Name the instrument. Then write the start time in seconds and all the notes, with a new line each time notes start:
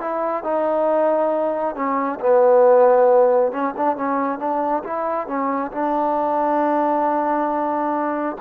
trombone
0.00 E4
0.43 D#4
1.75 C#4
2.20 B3
3.52 C#4
3.77 D4
3.97 C#4
4.39 D4
4.83 E4
5.27 C#4
5.72 D4